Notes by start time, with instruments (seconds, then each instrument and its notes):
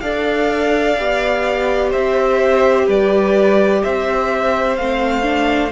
0.00 cello D4, viola A4, violin D5 F5
0.97 cello B3, viola G4
1.90 cello C4, violin C5 E5
2.86 cello G3, violin B4 D5
3.83 cello C4, violin C5 E5
4.76 cello A3, viola C4, violin F5
5.22 viola D4